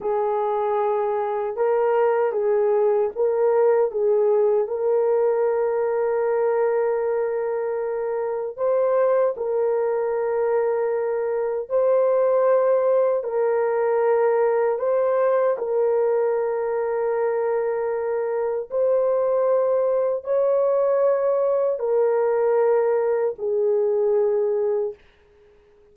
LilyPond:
\new Staff \with { instrumentName = "horn" } { \time 4/4 \tempo 4 = 77 gis'2 ais'4 gis'4 | ais'4 gis'4 ais'2~ | ais'2. c''4 | ais'2. c''4~ |
c''4 ais'2 c''4 | ais'1 | c''2 cis''2 | ais'2 gis'2 | }